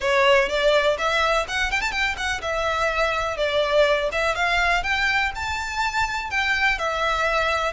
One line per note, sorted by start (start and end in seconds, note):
0.00 0.48 C#5
0.48 0.97 D5
0.98 1.46 E5
1.48 1.71 F#5
1.71 1.81 G5
1.81 1.91 A5
1.91 2.15 G5
2.17 2.41 F#5
2.41 3.37 E5
3.37 4.09 D5
4.12 4.35 E5
4.35 4.83 F5
4.83 5.31 G5
5.35 6.30 A5
6.30 6.78 G5
6.78 7.72 E5